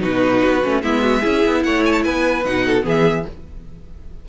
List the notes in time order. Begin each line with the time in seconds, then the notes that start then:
0.00 B2 D#4 F#4 B4
0.44 B3
0.64 A3 C#4
0.82 G#3 B3 E4 E5
1.02 F#4
1.20 C#4 E4 G#4
1.45 B3
1.63 A3 C#5 F#5
1.86 G#5
1.92 A5
2.04 B3 B4 G#5
2.45 B2 D#4 F#5
2.65 A4
2.82 E3 B3 G#4
2.88 E5